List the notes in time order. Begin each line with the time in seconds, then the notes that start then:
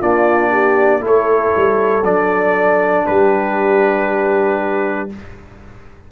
0.00 A#3 D4 F4 D5
0.51 G4
1.01 A3 E4 A4
1.07 C#5
1.56 G3
2.04 F#3 D4 D5
3.06 G3 G4 B4